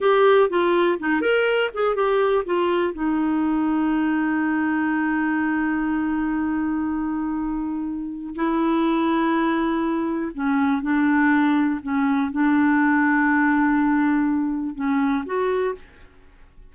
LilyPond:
\new Staff \with { instrumentName = "clarinet" } { \time 4/4 \tempo 4 = 122 g'4 f'4 dis'8 ais'4 gis'8 | g'4 f'4 dis'2~ | dis'1~ | dis'1~ |
dis'4 e'2.~ | e'4 cis'4 d'2 | cis'4 d'2.~ | d'2 cis'4 fis'4 | }